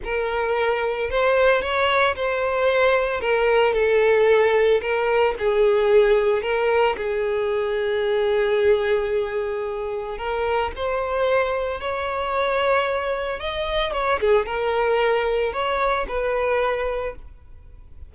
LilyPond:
\new Staff \with { instrumentName = "violin" } { \time 4/4 \tempo 4 = 112 ais'2 c''4 cis''4 | c''2 ais'4 a'4~ | a'4 ais'4 gis'2 | ais'4 gis'2.~ |
gis'2. ais'4 | c''2 cis''2~ | cis''4 dis''4 cis''8 gis'8 ais'4~ | ais'4 cis''4 b'2 | }